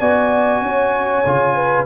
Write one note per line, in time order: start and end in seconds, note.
0.00 0.62 B3
0.00 1.25 F#4
0.00 0.62 D5
0.00 1.86 G#5
0.62 1.23 C#4
0.62 1.55 C#5
1.26 1.86 C#3
1.26 1.86 F4
1.55 1.86 B4